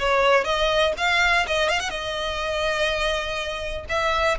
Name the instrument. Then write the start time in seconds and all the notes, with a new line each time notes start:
violin
0.00 C#5
0.45 D#5
0.98 F5
1.47 D#5
1.69 F5
1.80 F#5
1.90 D#5
3.90 E5